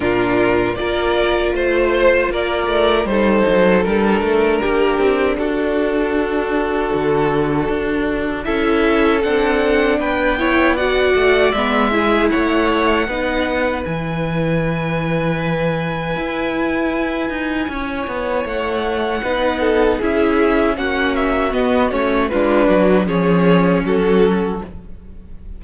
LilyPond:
<<
  \new Staff \with { instrumentName = "violin" } { \time 4/4 \tempo 4 = 78 ais'4 d''4 c''4 d''4 | c''4 ais'2 a'4~ | a'2. e''4 | fis''4 g''4 fis''4 e''4 |
fis''2 gis''2~ | gis''1 | fis''2 e''4 fis''8 e''8 | dis''8 cis''8 b'4 cis''4 a'4 | }
  \new Staff \with { instrumentName = "violin" } { \time 4/4 f'4 ais'4 c''4 ais'4 | a'2 g'4 fis'4~ | fis'2. a'4~ | a'4 b'8 cis''8 d''4. gis'8 |
cis''4 b'2.~ | b'2. cis''4~ | cis''4 b'8 a'8 gis'4 fis'4~ | fis'4 f'8 fis'8 gis'4 fis'4 | }
  \new Staff \with { instrumentName = "viola" } { \time 4/4 d'4 f'2. | dis'4 d'2.~ | d'2. e'4 | d'4. e'8 fis'4 b8 e'8~ |
e'4 dis'4 e'2~ | e'1~ | e'4 dis'4 e'4 cis'4 | b8 cis'8 d'4 cis'2 | }
  \new Staff \with { instrumentName = "cello" } { \time 4/4 ais,4 ais4 a4 ais8 a8 | g8 fis8 g8 a8 ais8 c'8 d'4~ | d'4 d4 d'4 cis'4 | c'4 b4. a8 gis4 |
a4 b4 e2~ | e4 e'4. dis'8 cis'8 b8 | a4 b4 cis'4 ais4 | b8 a8 gis8 fis8 f4 fis4 | }
>>